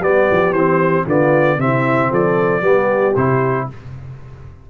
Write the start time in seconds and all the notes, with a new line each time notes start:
0.00 G3 B3 G4 D5
0.31 F3
0.51 E3 C4 C5
1.05 D3 B3 F4 D5
1.57 C3 C4 E4 E5
2.11 F3 A4 D5
2.61 G3 B3 G4
3.15 C3 E4 C5